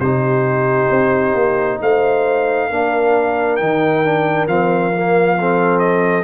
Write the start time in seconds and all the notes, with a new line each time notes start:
0.00 C3 D#4 G4 C5
0.90 C4
1.35 A#3
1.81 A3 C5 F5
2.70 A#3 D4 A#4
3.57 D#3 D#4 G5
4.05 D4
4.47 F3 C4 F5
4.93 A#3
5.38 C4 A4
5.80 D#5